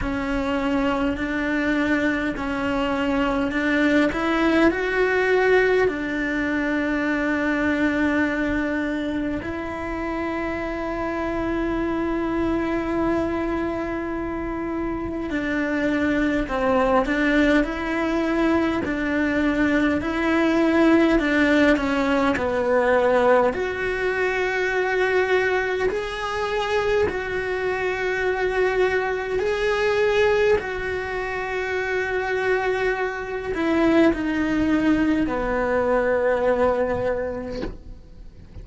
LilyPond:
\new Staff \with { instrumentName = "cello" } { \time 4/4 \tempo 4 = 51 cis'4 d'4 cis'4 d'8 e'8 | fis'4 d'2. | e'1~ | e'4 d'4 c'8 d'8 e'4 |
d'4 e'4 d'8 cis'8 b4 | fis'2 gis'4 fis'4~ | fis'4 gis'4 fis'2~ | fis'8 e'8 dis'4 b2 | }